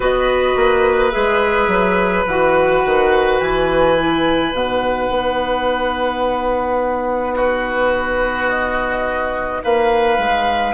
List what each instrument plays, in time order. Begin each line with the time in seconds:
0.00 bassoon B3, clarinet F#4, oboe B4, flute D#5
0.55 bassoon A#3
1.11 bassoon G#3, clarinet G#4, flute E5
1.67 bassoon F#3
2.26 bassoon E3, clarinet F#4, flute F#5
2.85 bassoon D#3
3.40 bassoon E3, flute G#5
3.97 clarinet E4
4.52 bassoon B2, clarinet D#4, flute F#5
5.08 bassoon B3
7.34 oboe F#4, flute B4
8.49 flute D#5
9.63 bassoon A#3, oboe B4, flute F5
10.17 bassoon G#3